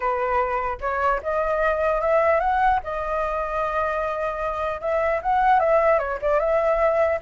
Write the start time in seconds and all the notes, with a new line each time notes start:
0.00 B4
0.81 C#5
1.22 D#5
2.01 E5
2.40 F#5
2.83 D#5
4.81 E5
5.22 F#5
5.59 E5
5.98 C#5
6.21 D5
6.39 E5